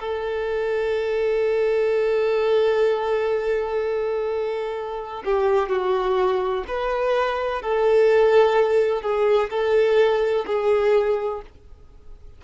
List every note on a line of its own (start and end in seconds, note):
0.00 5.24 A4
5.26 5.69 G4
5.69 6.65 F#4
6.68 7.62 B4
7.62 9.02 A4
9.02 9.50 G#4
9.51 10.46 A4
10.47 11.42 G#4